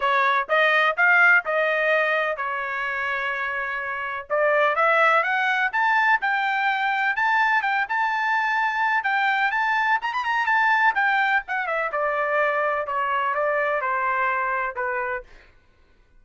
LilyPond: \new Staff \with { instrumentName = "trumpet" } { \time 4/4 \tempo 4 = 126 cis''4 dis''4 f''4 dis''4~ | dis''4 cis''2.~ | cis''4 d''4 e''4 fis''4 | a''4 g''2 a''4 |
g''8 a''2~ a''8 g''4 | a''4 ais''16 b''16 ais''8 a''4 g''4 | fis''8 e''8 d''2 cis''4 | d''4 c''2 b'4 | }